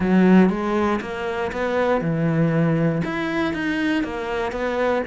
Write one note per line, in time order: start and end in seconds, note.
0.00 0.49 F#3
0.49 0.99 G#3
1.01 1.51 A#3
1.52 2.01 B3
2.01 3.02 E3
3.04 3.53 E4
3.53 4.03 D#4
4.03 4.51 A#3
4.51 5.02 B3